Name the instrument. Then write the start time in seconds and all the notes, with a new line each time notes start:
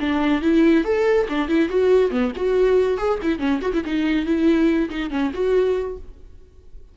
viola
0.00 D4
0.42 E4
0.84 A4
1.29 D4
1.48 E4
1.69 F#4
2.11 B3
2.36 F#4
2.98 G#4
3.22 E4
3.39 C#4
3.62 F#4
3.73 E4
3.85 D#4
4.26 E4
4.90 D#4
5.11 C#4
5.33 F#4